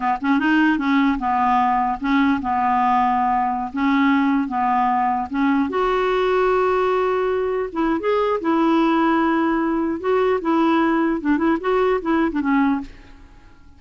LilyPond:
\new Staff \with { instrumentName = "clarinet" } { \time 4/4 \tempo 4 = 150 b8 cis'8 dis'4 cis'4 b4~ | b4 cis'4 b2~ | b4~ b16 cis'2 b8.~ | b4~ b16 cis'4 fis'4.~ fis'16~ |
fis'2.~ fis'16 e'8. | gis'4 e'2.~ | e'4 fis'4 e'2 | d'8 e'8 fis'4 e'8. d'16 cis'4 | }